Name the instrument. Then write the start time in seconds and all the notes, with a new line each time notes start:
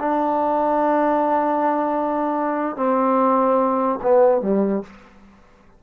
trombone
0.00 D4
2.76 C4
4.03 B3
4.42 G3